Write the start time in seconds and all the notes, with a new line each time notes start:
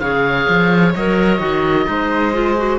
0.00 C#3 G#4 C#5 F5
0.49 F3
0.95 F#3 A#4 D#5
1.39 D#3 F#4
1.86 G#3 D#4 C5
2.33 F4
2.57 F#4